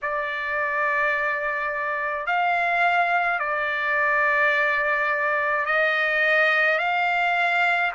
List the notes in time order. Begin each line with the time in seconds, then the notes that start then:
0.02 D5
2.26 F5
3.39 D5
5.66 D#5
6.78 F5